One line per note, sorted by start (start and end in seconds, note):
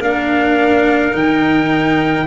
0.00 1.14 A#3
0.00 1.12 D4
0.00 2.26 A#4
0.00 1.16 F5
1.12 2.27 D#3
1.12 2.25 D#4
1.12 2.27 G5